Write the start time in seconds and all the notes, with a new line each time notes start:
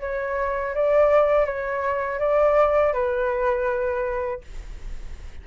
0.00 C#5
0.74 D5
1.45 C#5
2.19 D5
2.93 B4